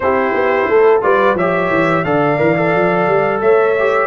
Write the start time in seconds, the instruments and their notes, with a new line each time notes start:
0.00 tuba C4, trombone E4, horn G4, trumpet C5
0.33 tuba B3
0.67 tuba A3, horn A4
1.01 tuba G3, trombone F4, horn B4, trumpet D5
1.34 tuba F3, trombone G4, horn C#5, trumpet E5
1.70 tuba E3
2.04 tuba D3, trombone A4, horn D5, trumpet F5
2.38 tuba E3, trombone A#4
2.56 trombone A4
2.74 tuba F3
3.07 tuba G3
3.41 tuba A3, horn C#5, trumpet E5
3.79 trombone G4